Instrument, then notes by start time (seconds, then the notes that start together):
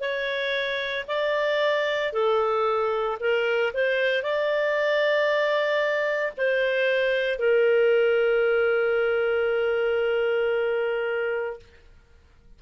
clarinet
0.00 C#5
1.08 D5
2.13 A4
3.20 A#4
3.74 C5
4.22 D5
6.37 C5
7.39 A#4